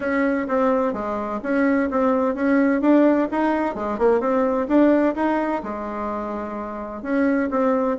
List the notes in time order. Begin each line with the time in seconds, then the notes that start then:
0.00 C#4
0.48 C4
0.93 G#3
1.43 C#4
1.90 C4
2.34 C#4
2.81 D4
3.31 D#4
3.75 G#3
3.98 A#3
4.20 C4
4.67 D4
5.15 D#4
5.63 G#3
7.02 C#4
7.50 C4